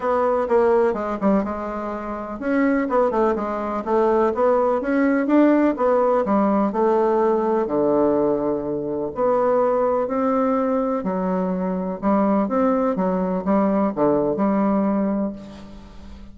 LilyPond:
\new Staff \with { instrumentName = "bassoon" } { \time 4/4 \tempo 4 = 125 b4 ais4 gis8 g8 gis4~ | gis4 cis'4 b8 a8 gis4 | a4 b4 cis'4 d'4 | b4 g4 a2 |
d2. b4~ | b4 c'2 fis4~ | fis4 g4 c'4 fis4 | g4 d4 g2 | }